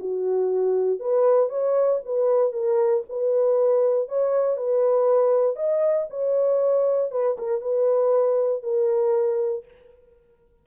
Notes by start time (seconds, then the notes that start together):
0.00 F#4
1.00 B4
1.50 C#5
2.05 B4
2.53 A#4
3.10 B4
4.09 C#5
4.57 B4
5.57 D#5
6.10 C#5
7.12 B4
7.38 A#4
7.61 B4
8.63 A#4